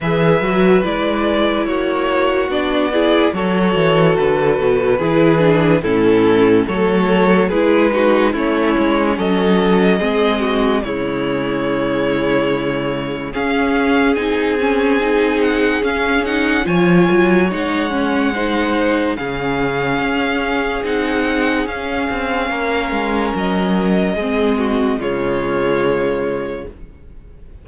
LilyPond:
<<
  \new Staff \with { instrumentName = "violin" } { \time 4/4 \tempo 4 = 72 e''4 d''4 cis''4 d''4 | cis''4 b'2 a'4 | cis''4 b'4 cis''4 dis''4~ | dis''4 cis''2. |
f''4 gis''4. fis''8 f''8 fis''8 | gis''4 fis''2 f''4~ | f''4 fis''4 f''2 | dis''2 cis''2 | }
  \new Staff \with { instrumentName = "violin" } { \time 4/4 b'2 fis'4. gis'8 | a'2 gis'4 e'4 | a'4 gis'8 fis'8 e'4 a'4 | gis'8 fis'8 e'2. |
gis'1 | cis''2 c''4 gis'4~ | gis'2. ais'4~ | ais'4 gis'8 fis'8 f'2 | }
  \new Staff \with { instrumentName = "viola" } { \time 4/4 gis'8 fis'8 e'2 d'8 e'8 | fis'2 e'8 d'8 cis'4 | a4 e'8 dis'8 cis'2 | c'4 gis2. |
cis'4 dis'8 cis'8 dis'4 cis'8 dis'8 | f'4 dis'8 cis'8 dis'4 cis'4~ | cis'4 dis'4 cis'2~ | cis'4 c'4 gis2 | }
  \new Staff \with { instrumentName = "cello" } { \time 4/4 e8 fis8 gis4 ais4 b4 | fis8 e8 d8 b,8 e4 a,4 | fis4 gis4 a8 gis8 fis4 | gis4 cis2. |
cis'4 c'2 cis'4 | f8 fis8 gis2 cis4 | cis'4 c'4 cis'8 c'8 ais8 gis8 | fis4 gis4 cis2 | }
>>